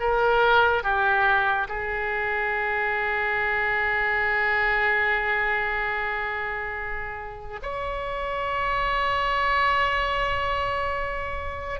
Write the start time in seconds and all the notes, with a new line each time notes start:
0.00 A#4
0.83 G4
1.69 G#4
7.63 C#5